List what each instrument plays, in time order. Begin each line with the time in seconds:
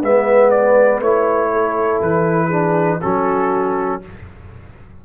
0.00 tuba G#3, trombone B3, horn B4, trumpet E5
0.50 trumpet D5
1.00 tuba A3, trombone E4, trumpet C#5
1.52 horn A4
2.01 tuba E3, trumpet B4
2.47 trombone D4, horn G#4
3.01 tuba F#3, trombone C#4, horn F#4, trumpet A4